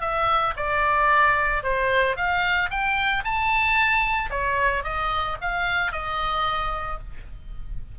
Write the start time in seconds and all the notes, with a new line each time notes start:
0.00 E5
0.56 D5
1.63 C5
2.16 F5
2.70 G5
3.24 A5
4.30 C#5
4.83 D#5
5.41 F5
5.92 D#5